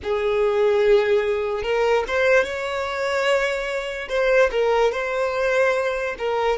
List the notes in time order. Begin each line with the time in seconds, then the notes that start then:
0.03 G#4
1.63 A#4
2.07 C5
2.44 C#5
4.09 C5
4.51 A#4
4.92 C5
6.18 A#4